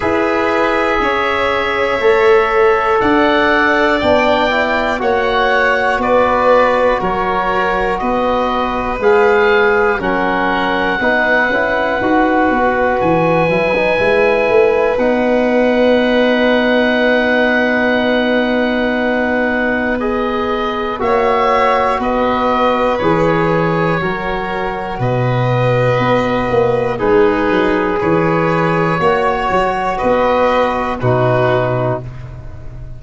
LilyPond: <<
  \new Staff \with { instrumentName = "oboe" } { \time 4/4 \tempo 4 = 60 e''2. fis''4 | g''4 fis''4 d''4 cis''4 | dis''4 f''4 fis''2~ | fis''4 gis''2 fis''4~ |
fis''1 | dis''4 e''4 dis''4 cis''4~ | cis''4 dis''2 b'4 | cis''2 dis''4 b'4 | }
  \new Staff \with { instrumentName = "violin" } { \time 4/4 b'4 cis''2 d''4~ | d''4 cis''4 b'4 ais'4 | b'2 ais'4 b'4~ | b'1~ |
b'1~ | b'4 cis''4 b'2 | ais'4 b'2 dis'4 | b'4 cis''4 b'4 fis'4 | }
  \new Staff \with { instrumentName = "trombone" } { \time 4/4 gis'2 a'2 | d'8 e'8 fis'2.~ | fis'4 gis'4 cis'4 dis'8 e'8 | fis'4. e'16 dis'16 e'4 dis'4~ |
dis'1 | gis'4 fis'2 gis'4 | fis'2. gis'4~ | gis'4 fis'2 dis'4 | }
  \new Staff \with { instrumentName = "tuba" } { \time 4/4 e'4 cis'4 a4 d'4 | b4 ais4 b4 fis4 | b4 gis4 fis4 b8 cis'8 | dis'8 b8 e8 fis8 gis8 a8 b4~ |
b1~ | b4 ais4 b4 e4 | fis4 b,4 b8 ais8 gis8 fis8 | e4 ais8 fis8 b4 b,4 | }
>>